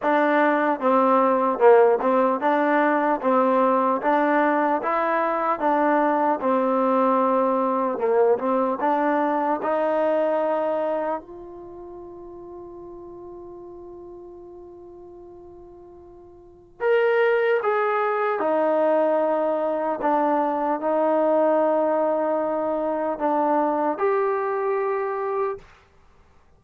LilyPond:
\new Staff \with { instrumentName = "trombone" } { \time 4/4 \tempo 4 = 75 d'4 c'4 ais8 c'8 d'4 | c'4 d'4 e'4 d'4 | c'2 ais8 c'8 d'4 | dis'2 f'2~ |
f'1~ | f'4 ais'4 gis'4 dis'4~ | dis'4 d'4 dis'2~ | dis'4 d'4 g'2 | }